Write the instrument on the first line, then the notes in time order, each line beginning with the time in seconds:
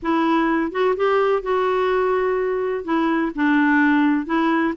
clarinet
0.02 E4
0.71 F#4
0.96 G4
1.42 F#4
2.84 E4
3.35 D4
4.26 E4